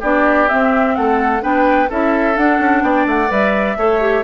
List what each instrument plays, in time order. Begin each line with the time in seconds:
0.00 bassoon B3, clarinet D4, oboe G4, flute D5
0.48 clarinet C4, bassoon C4, flute E5
0.95 bassoon A3, oboe A4, flute F#5
1.41 bassoon B3, clarinet D4, oboe B4, flute G5
1.89 bassoon C#4, clarinet E4, oboe A4, flute E5
2.35 clarinet D4, bassoon D4, flute F#5
2.59 bassoon C#4
2.82 bassoon B3, oboe D5, flute G5
3.06 bassoon A3, flute F#5
3.28 bassoon G3, clarinet B4, flute E5
3.77 bassoon A3, clarinet A4, oboe C#5
4.00 clarinet G4